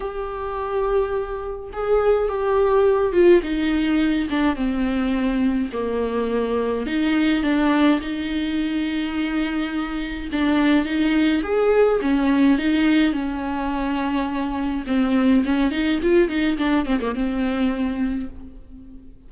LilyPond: \new Staff \with { instrumentName = "viola" } { \time 4/4 \tempo 4 = 105 g'2. gis'4 | g'4. f'8 dis'4. d'8 | c'2 ais2 | dis'4 d'4 dis'2~ |
dis'2 d'4 dis'4 | gis'4 cis'4 dis'4 cis'4~ | cis'2 c'4 cis'8 dis'8 | f'8 dis'8 d'8 c'16 ais16 c'2 | }